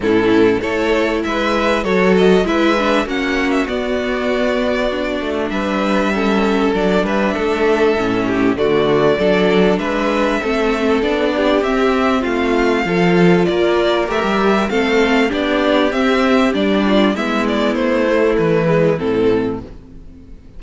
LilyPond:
<<
  \new Staff \with { instrumentName = "violin" } { \time 4/4 \tempo 4 = 98 a'4 cis''4 e''4 cis''8 dis''8 | e''4 fis''8. e''16 d''2~ | d''4 e''2 d''8 e''8~ | e''2 d''2 |
e''2 d''4 e''4 | f''2 d''4 e''4 | f''4 d''4 e''4 d''4 | e''8 d''8 c''4 b'4 a'4 | }
  \new Staff \with { instrumentName = "violin" } { \time 4/4 e'4 a'4 b'4 a'4 | b'4 fis'2.~ | fis'4 b'4 a'4. b'8 | a'4. g'8 fis'4 a'4 |
b'4 a'4. g'4. | f'4 a'4 ais'2 | a'4 g'2~ g'8 f'8 | e'1 | }
  \new Staff \with { instrumentName = "viola" } { \time 4/4 cis'4 e'2 fis'4 | e'8 d'8 cis'4 b2 | d'2 cis'4 d'4~ | d'4 cis'4 a4 d'4~ |
d'4 c'4 d'4 c'4~ | c'4 f'2 g'4 | c'4 d'4 c'4 d'4 | b4. a4 gis8 c'4 | }
  \new Staff \with { instrumentName = "cello" } { \time 4/4 a,4 a4 gis4 fis4 | gis4 ais4 b2~ | b8 a8 g2 fis8 g8 | a4 a,4 d4 fis4 |
gis4 a4 b4 c'4 | a4 f4 ais4 a16 g8. | a4 b4 c'4 g4 | gis4 a4 e4 a,4 | }
>>